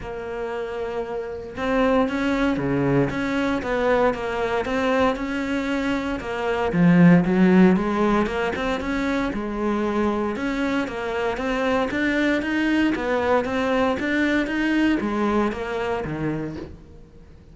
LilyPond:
\new Staff \with { instrumentName = "cello" } { \time 4/4 \tempo 4 = 116 ais2. c'4 | cis'4 cis4 cis'4 b4 | ais4 c'4 cis'2 | ais4 f4 fis4 gis4 |
ais8 c'8 cis'4 gis2 | cis'4 ais4 c'4 d'4 | dis'4 b4 c'4 d'4 | dis'4 gis4 ais4 dis4 | }